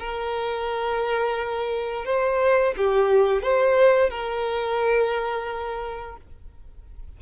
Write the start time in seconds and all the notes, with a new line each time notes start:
0.00 A#4
2.06 C5
2.78 G4
3.43 C5
4.10 A#4